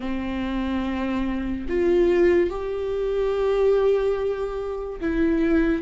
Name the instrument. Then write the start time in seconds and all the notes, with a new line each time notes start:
viola
0.00 C4
1.68 F4
2.50 G4
5.00 E4